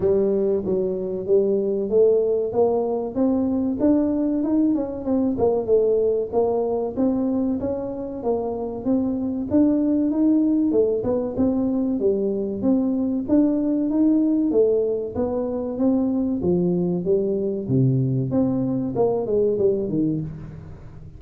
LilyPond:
\new Staff \with { instrumentName = "tuba" } { \time 4/4 \tempo 4 = 95 g4 fis4 g4 a4 | ais4 c'4 d'4 dis'8 cis'8 | c'8 ais8 a4 ais4 c'4 | cis'4 ais4 c'4 d'4 |
dis'4 a8 b8 c'4 g4 | c'4 d'4 dis'4 a4 | b4 c'4 f4 g4 | c4 c'4 ais8 gis8 g8 dis8 | }